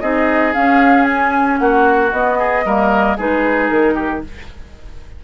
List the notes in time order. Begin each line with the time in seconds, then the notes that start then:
0.00 C4 D#4 G#4 D#5
0.53 C#4 F5
1.04 G#5
1.58 A#3 F#4 F#5
2.11 B3 D#5
2.38 G#4
2.65 G3 A#3 A#4
3.17 G#3 D#4 G#4 B4
3.68 D#3 A#4
3.94 G4